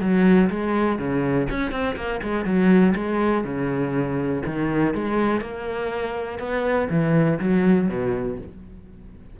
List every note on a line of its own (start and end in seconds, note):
0.00 0.49 F#3
0.49 0.98 G#3
0.98 1.47 C#3
1.50 1.71 C#4
1.71 1.96 C4
1.96 2.20 A#3
2.23 2.45 G#3
2.45 2.94 F#3
2.95 3.44 G#3
3.44 4.42 C#3
4.45 4.94 D#3
4.94 5.41 G#3
5.41 6.39 A#3
6.39 6.88 B3
6.89 7.38 E3
7.39 7.88 F#3
7.88 8.37 B2